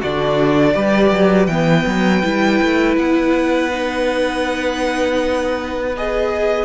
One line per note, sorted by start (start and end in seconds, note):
0.00 0.76 D3
0.00 0.75 D4
0.00 0.74 F#4
0.00 1.47 D5
0.74 1.11 G3
0.74 1.49 G4
0.74 6.66 B4
1.11 1.48 F#3
1.47 1.85 E3
1.47 2.23 B3
1.47 2.95 G5
1.87 2.24 F#3
2.23 2.61 G3
2.23 3.71 E4
2.62 2.97 A3
2.97 6.66 B3
2.97 5.96 F#5
3.71 5.93 D#4
5.98 6.66 G#4
5.98 6.66 D#5